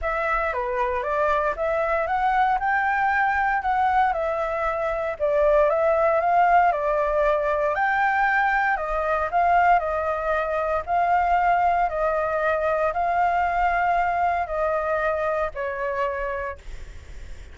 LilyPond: \new Staff \with { instrumentName = "flute" } { \time 4/4 \tempo 4 = 116 e''4 b'4 d''4 e''4 | fis''4 g''2 fis''4 | e''2 d''4 e''4 | f''4 d''2 g''4~ |
g''4 dis''4 f''4 dis''4~ | dis''4 f''2 dis''4~ | dis''4 f''2. | dis''2 cis''2 | }